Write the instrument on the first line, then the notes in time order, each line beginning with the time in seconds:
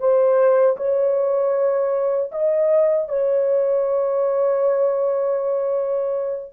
horn
0.00 C5
0.77 C#5
2.32 D#5
3.09 C#5